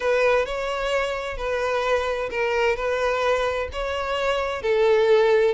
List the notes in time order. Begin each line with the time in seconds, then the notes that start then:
0.00 B4
0.45 C#5
1.37 B4
2.30 A#4
2.76 B4
3.72 C#5
4.62 A4